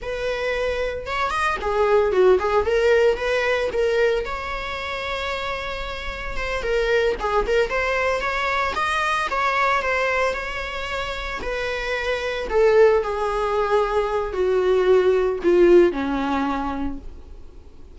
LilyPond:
\new Staff \with { instrumentName = "viola" } { \time 4/4 \tempo 4 = 113 b'2 cis''8 dis''8 gis'4 | fis'8 gis'8 ais'4 b'4 ais'4 | cis''1 | c''8 ais'4 gis'8 ais'8 c''4 cis''8~ |
cis''8 dis''4 cis''4 c''4 cis''8~ | cis''4. b'2 a'8~ | a'8 gis'2~ gis'8 fis'4~ | fis'4 f'4 cis'2 | }